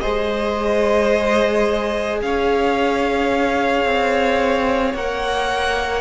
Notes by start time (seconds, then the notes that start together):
0.00 G#3 G#4 C5 D#5
2.22 C#4 C#5 F5
3.85 C4
4.94 A#3 A#4 F#5